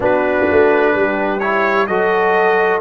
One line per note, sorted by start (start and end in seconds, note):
0.00 0.44 B3
0.00 1.40 D4
0.00 0.94 F#4
0.00 1.39 B4
0.51 0.95 A3
0.94 1.88 G3
0.94 1.88 G4
1.39 1.88 E4
1.39 1.86 C#5
1.86 2.80 F#3
1.86 2.80 F#4
1.86 2.80 A4
1.86 2.80 D#5